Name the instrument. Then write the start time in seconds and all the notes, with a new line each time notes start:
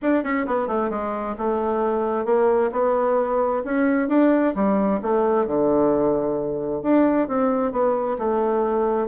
bassoon
0.01 D4
0.23 C#4
0.46 B3
0.67 A3
0.90 G#3
1.38 A3
2.25 A#3
2.72 B3
3.64 C#4
4.08 D4
4.55 G3
5.02 A3
5.46 D3
6.82 D4
7.28 C4
7.71 B3
8.18 A3